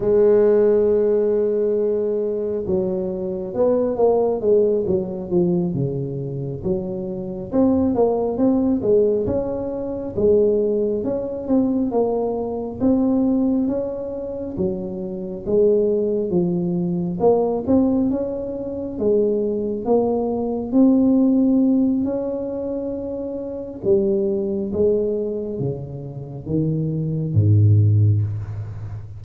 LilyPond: \new Staff \with { instrumentName = "tuba" } { \time 4/4 \tempo 4 = 68 gis2. fis4 | b8 ais8 gis8 fis8 f8 cis4 fis8~ | fis8 c'8 ais8 c'8 gis8 cis'4 gis8~ | gis8 cis'8 c'8 ais4 c'4 cis'8~ |
cis'8 fis4 gis4 f4 ais8 | c'8 cis'4 gis4 ais4 c'8~ | c'4 cis'2 g4 | gis4 cis4 dis4 gis,4 | }